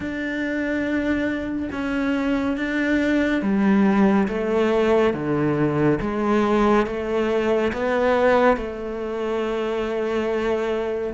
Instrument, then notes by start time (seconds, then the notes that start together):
cello
0.00 D4
1.72 C#4
2.57 D4
3.42 G3
4.28 A3
5.13 D3
6.00 G#3
6.86 A3
7.72 B3
8.56 A3